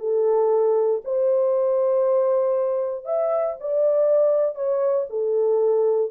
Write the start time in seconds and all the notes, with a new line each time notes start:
0.00 A4
1.05 C5
3.06 E5
3.60 D5
4.56 C#5
5.10 A4